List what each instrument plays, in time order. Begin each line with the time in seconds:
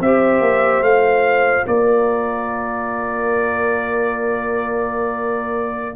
0.00 tuba C4, trombone G4, horn C5, trumpet E5
0.40 tuba A#3
0.81 tuba A3, trombone F4, trumpet F5
1.66 tuba A#3, horn A#4, trumpet D5